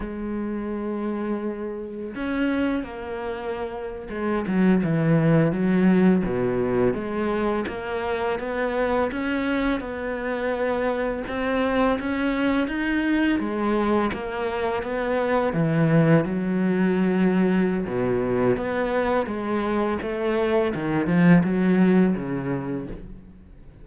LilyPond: \new Staff \with { instrumentName = "cello" } { \time 4/4 \tempo 4 = 84 gis2. cis'4 | ais4.~ ais16 gis8 fis8 e4 fis16~ | fis8. b,4 gis4 ais4 b16~ | b8. cis'4 b2 c'16~ |
c'8. cis'4 dis'4 gis4 ais16~ | ais8. b4 e4 fis4~ fis16~ | fis4 b,4 b4 gis4 | a4 dis8 f8 fis4 cis4 | }